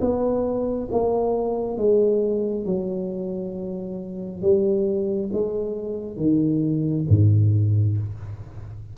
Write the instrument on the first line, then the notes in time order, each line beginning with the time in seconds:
tuba
0.00 B3
0.91 A#3
1.77 G#3
2.65 F#3
4.42 G3
5.33 G#3
6.16 D#3
7.09 G#2